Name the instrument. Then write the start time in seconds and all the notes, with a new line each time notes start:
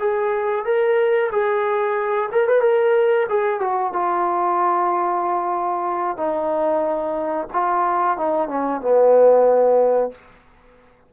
trombone
0.00 G#4
0.65 A#4
1.32 G#4
2.32 A#4
2.48 B4
2.62 A#4
3.29 G#4
3.60 F#4
3.93 F4
6.17 D#4
7.53 F4
8.18 D#4
8.49 C#4
8.81 B3